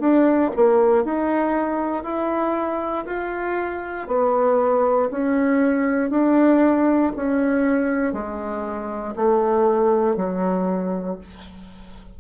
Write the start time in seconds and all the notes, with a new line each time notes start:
0.00 D4
0.55 A#3
1.04 D#4
2.03 E4
3.06 F4
4.08 B3
5.11 C#4
6.10 D4
7.16 C#4
8.13 G#3
9.16 A3
10.16 F#3